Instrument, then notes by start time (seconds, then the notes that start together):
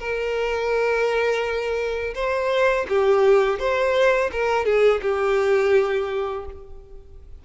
violin
0.00 A#4
2.15 C5
2.89 G4
3.59 C5
4.32 A#4
4.66 G#4
5.03 G4